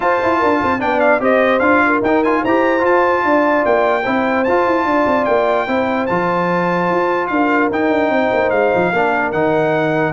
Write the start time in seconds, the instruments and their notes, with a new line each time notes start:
0.00 tuba F4, trombone F4, horn C5, trumpet A5
0.22 tuba E4
0.39 tuba D4, horn A#4
0.62 tuba C4, horn C5
0.79 tuba B3, trombone D4, horn D5, trumpet G5
0.99 trumpet F5
1.20 tuba C4, trombone G4, horn C5, trumpet D#5
1.59 tuba D4, trombone F4, trumpet F5
1.86 horn A#4
2.01 tuba D#4, trombone D#4, trumpet G5
2.23 trombone F4, trumpet G#5
2.41 tuba E4, trombone G4, horn C5, trumpet A#5
2.80 trombone F4, tuba F4, trumpet A5
3.23 tuba D4, horn D5
3.65 tuba A#3, trumpet G5
4.02 tuba C4, trombone E4, horn C5
4.43 tuba F4, trombone F4, trumpet A5
4.65 tuba E4
4.84 tuba D4, horn D5
5.06 tuba C4
5.24 tuba A#3, trumpet G5
5.67 tuba C4, trombone E4, horn C5
6.06 tuba F3, trombone F4, trumpet A5
6.90 tuba F4
7.27 tuba D4, horn A#4, trumpet F5
7.70 tuba D#4, trombone D#4, trumpet G5
7.90 tuba D4
8.09 tuba C4, horn C5
8.33 tuba A#3
8.50 tuba G#3, trumpet F5
8.74 tuba F3
8.92 tuba A#3, trombone D4, horn A#4
9.31 tuba D#3, trombone D#4, trumpet F#5